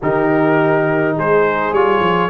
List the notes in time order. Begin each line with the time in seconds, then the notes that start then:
0.01 D#3 D#4 G4 A#4
1.16 G#3 G#4 C5
1.72 G3 F4 C#5
1.99 F3